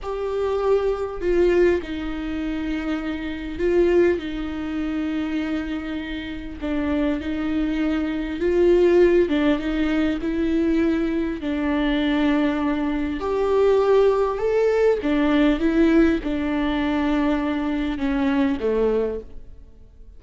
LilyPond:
\new Staff \with { instrumentName = "viola" } { \time 4/4 \tempo 4 = 100 g'2 f'4 dis'4~ | dis'2 f'4 dis'4~ | dis'2. d'4 | dis'2 f'4. d'8 |
dis'4 e'2 d'4~ | d'2 g'2 | a'4 d'4 e'4 d'4~ | d'2 cis'4 a4 | }